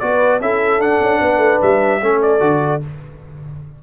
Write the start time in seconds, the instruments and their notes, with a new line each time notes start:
0.00 tuba B3, trombone F#4, horn B4, trumpet D5
0.41 tuba C#4, trombone E4, horn A4, trumpet E5
0.79 tuba D4, trombone D4, trumpet F#5
1.01 tuba C#4
1.21 tuba B3, horn B4
1.38 tuba A3
1.62 tuba G3, trumpet E5
2.02 tuba A3, trombone C#4, horn A4
2.22 trumpet D5
2.40 tuba D3, trombone F#4